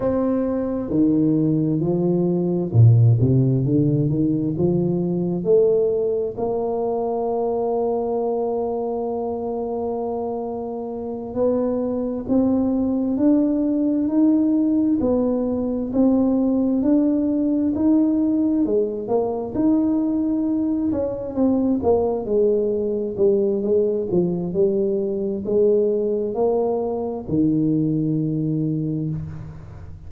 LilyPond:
\new Staff \with { instrumentName = "tuba" } { \time 4/4 \tempo 4 = 66 c'4 dis4 f4 ais,8 c8 | d8 dis8 f4 a4 ais4~ | ais1~ | ais8 b4 c'4 d'4 dis'8~ |
dis'8 b4 c'4 d'4 dis'8~ | dis'8 gis8 ais8 dis'4. cis'8 c'8 | ais8 gis4 g8 gis8 f8 g4 | gis4 ais4 dis2 | }